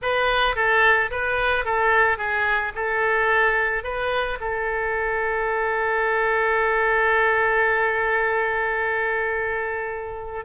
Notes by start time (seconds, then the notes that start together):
0.02 B4
0.55 A4
1.10 B4
1.64 A4
2.17 G#4
2.75 A4
3.83 B4
4.40 A4